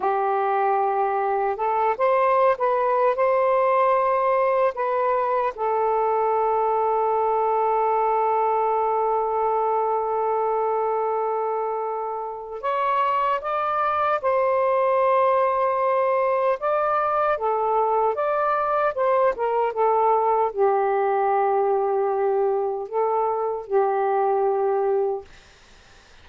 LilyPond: \new Staff \with { instrumentName = "saxophone" } { \time 4/4 \tempo 4 = 76 g'2 a'8 c''8. b'8. | c''2 b'4 a'4~ | a'1~ | a'1 |
cis''4 d''4 c''2~ | c''4 d''4 a'4 d''4 | c''8 ais'8 a'4 g'2~ | g'4 a'4 g'2 | }